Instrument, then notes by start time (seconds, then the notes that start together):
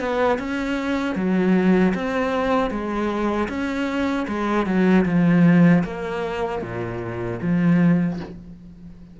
cello
0.00 B3
0.39 C#4
1.15 F#3
1.95 C4
2.71 G#3
3.49 C#4
4.28 G#3
4.66 F#3
5.06 F3
5.84 A#3
6.62 A#2
7.42 F3